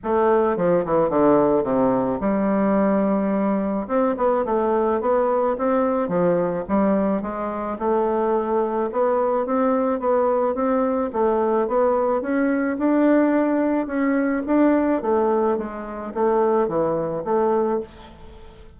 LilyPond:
\new Staff \with { instrumentName = "bassoon" } { \time 4/4 \tempo 4 = 108 a4 f8 e8 d4 c4 | g2. c'8 b8 | a4 b4 c'4 f4 | g4 gis4 a2 |
b4 c'4 b4 c'4 | a4 b4 cis'4 d'4~ | d'4 cis'4 d'4 a4 | gis4 a4 e4 a4 | }